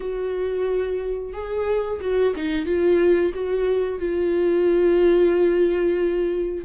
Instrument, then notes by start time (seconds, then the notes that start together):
viola
0.00 F#4
1.33 G#4
2.00 F#4
2.35 D#4
2.65 F4
3.34 F#4
3.98 F4